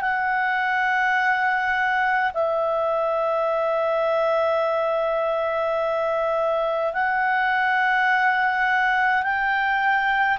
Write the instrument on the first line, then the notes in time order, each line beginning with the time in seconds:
clarinet
0.00 F#5
2.33 E5
6.93 F#5
9.22 G5